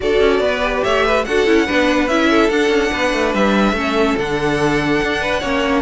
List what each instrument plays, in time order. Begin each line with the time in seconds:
0.00 cello D4, viola F#4, violin A4 D5
0.20 cello C#4
0.39 cello B3, violin B4
0.62 viola G4
0.83 cello A3, violin C#5 E5
1.04 violin B4
1.24 cello D4, viola F#4, violin A4 F#5
1.46 cello C#4, viola E4
1.65 cello B3, viola D4, violin B4
2.08 cello C#4, viola E4, violin E5
2.30 violin A4
2.49 cello D4, viola D4, violin F#5
2.68 cello C#4
2.91 cello B3, violin B4
3.13 cello A3
3.34 cello G3, violin E5
3.72 cello A3, viola C#4, violin A4
4.17 cello D3, viola D4, violin F#5
5.02 cello D4
5.21 violin B4
5.39 cello A#3, viola C#4, violin C#5